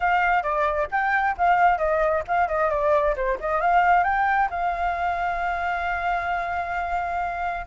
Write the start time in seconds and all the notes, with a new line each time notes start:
0.00 F5
0.42 D5
0.91 G5
1.37 F5
1.78 D#5
2.27 F5
2.48 D#5
2.70 D5
3.15 C5
3.40 D#5
3.60 F5
4.03 G5
4.50 F5